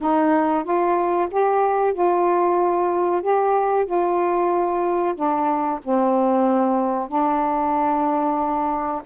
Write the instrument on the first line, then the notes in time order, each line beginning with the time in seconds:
saxophone
0.00 D#4
0.64 F4
1.30 G4
1.93 F4
3.22 G4
3.85 F4
5.15 D4
5.84 C4
7.08 D4